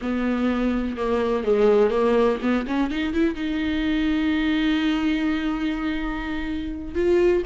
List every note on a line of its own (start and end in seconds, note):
0.01 0.96 B3
0.96 1.44 A#3
1.44 1.90 G#3
1.90 2.38 A#3
2.42 2.66 B3
2.67 2.90 C#4
2.90 3.13 D#4
3.13 3.35 E4
3.35 6.94 D#4
6.94 7.42 F4